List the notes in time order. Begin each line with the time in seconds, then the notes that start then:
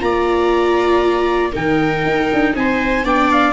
0.00 A#3 F4 D5 A#5
1.52 D#3 D#4 A#4 G5
2.06 D#4
2.33 D4
2.55 C4 C5 G#5
3.04 B3 D4 D5 G5
3.32 F5